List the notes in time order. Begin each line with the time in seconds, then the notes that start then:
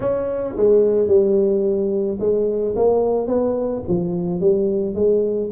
0.00 C#4
0.56 G#3
1.07 G3
2.19 G#3
2.75 A#3
3.27 B3
3.88 F3
4.40 G3
4.94 G#3